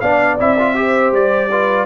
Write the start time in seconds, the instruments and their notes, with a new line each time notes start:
0.00 tuba B3, trombone D4, horn D5, trumpet F5
0.39 tuba C4, trombone E4, trumpet E5
0.58 trombone F4
0.75 trombone G4, horn C5
1.12 tuba G3, trumpet D5
1.50 trombone F4, horn B4